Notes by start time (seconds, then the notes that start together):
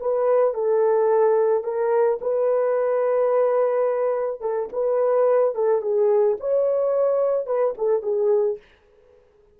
0.00 B4
0.54 A4
1.64 A#4
2.21 B4
4.41 A4
4.73 B4
5.55 A4
5.82 G#4
6.40 C#5
7.46 B4
7.78 A4
8.03 G#4